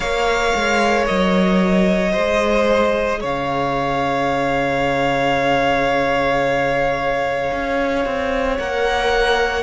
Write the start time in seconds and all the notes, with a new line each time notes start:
0.00 A#3 A#4 C#5 F5
0.55 G#3
1.06 F#3 D#5
2.12 G#3 G#4 C5
3.20 C#3 C#5 F5
7.51 C#4
8.05 C4
8.57 A#3 A#4 F#5